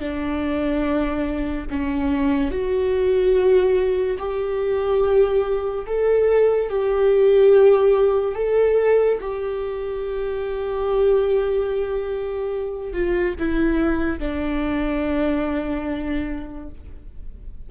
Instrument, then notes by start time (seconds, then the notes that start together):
viola
0.00 D4
1.70 C#4
2.51 F#4
4.19 G4
5.87 A4
6.69 G4
8.35 A4
9.21 G4
12.93 F4
13.39 E4
14.19 D4